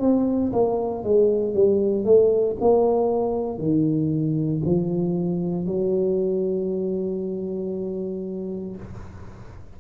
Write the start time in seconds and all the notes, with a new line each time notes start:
0.00 C4
0.52 A#3
1.04 G#3
1.54 G3
2.05 A3
2.61 A#3
3.58 D#3
4.65 F3
5.66 F#3